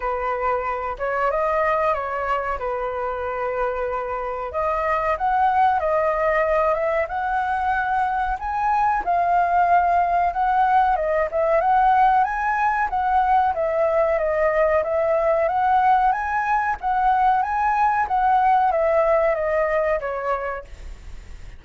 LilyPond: \new Staff \with { instrumentName = "flute" } { \time 4/4 \tempo 4 = 93 b'4. cis''8 dis''4 cis''4 | b'2. dis''4 | fis''4 dis''4. e''8 fis''4~ | fis''4 gis''4 f''2 |
fis''4 dis''8 e''8 fis''4 gis''4 | fis''4 e''4 dis''4 e''4 | fis''4 gis''4 fis''4 gis''4 | fis''4 e''4 dis''4 cis''4 | }